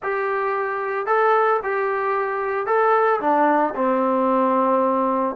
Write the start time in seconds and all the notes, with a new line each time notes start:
0.02 G4
1.06 A4
1.63 G4
2.66 A4
3.20 D4
3.75 C4